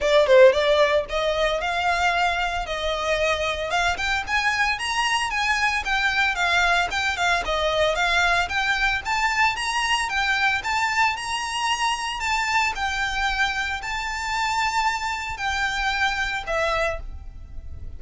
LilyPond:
\new Staff \with { instrumentName = "violin" } { \time 4/4 \tempo 4 = 113 d''8 c''8 d''4 dis''4 f''4~ | f''4 dis''2 f''8 g''8 | gis''4 ais''4 gis''4 g''4 | f''4 g''8 f''8 dis''4 f''4 |
g''4 a''4 ais''4 g''4 | a''4 ais''2 a''4 | g''2 a''2~ | a''4 g''2 e''4 | }